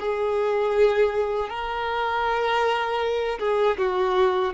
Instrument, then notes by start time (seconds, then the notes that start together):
violin
0.00 G#4
1.49 A#4
3.39 G#4
3.78 F#4